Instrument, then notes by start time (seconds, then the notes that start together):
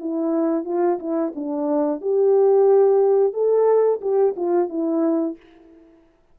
horn
0.00 E4
0.65 F4
0.99 E4
1.35 D4
2.01 G4
3.33 A4
4.01 G4
4.37 F4
4.69 E4